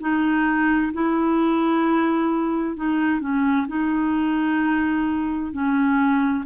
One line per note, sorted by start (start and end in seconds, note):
0.00 0.92 D#4
0.93 2.76 E4
2.76 3.20 D#4
3.20 3.66 C#4
3.68 5.52 D#4
5.52 6.44 C#4